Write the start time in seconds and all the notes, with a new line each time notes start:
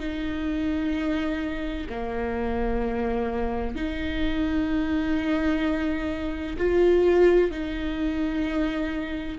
0.00 D#4
1.89 A#3
3.76 D#4
6.58 F4
7.51 D#4